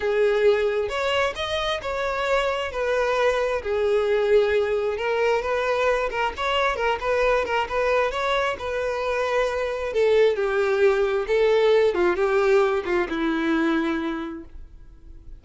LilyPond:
\new Staff \with { instrumentName = "violin" } { \time 4/4 \tempo 4 = 133 gis'2 cis''4 dis''4 | cis''2 b'2 | gis'2. ais'4 | b'4. ais'8 cis''4 ais'8 b'8~ |
b'8 ais'8 b'4 cis''4 b'4~ | b'2 a'4 g'4~ | g'4 a'4. f'8 g'4~ | g'8 f'8 e'2. | }